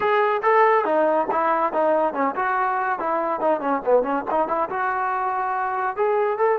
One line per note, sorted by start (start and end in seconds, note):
0.00 0.41 G#4
0.42 0.84 A4
0.84 1.27 D#4
1.31 1.72 E4
1.72 2.13 D#4
2.13 2.35 C#4
2.35 2.99 F#4
2.99 3.40 E4
3.40 3.60 D#4
3.60 3.81 C#4
3.85 4.03 B3
4.03 4.24 C#4
4.30 4.48 D#4
4.48 4.69 E4
4.69 5.96 F#4
5.96 6.38 G#4
6.38 6.58 A4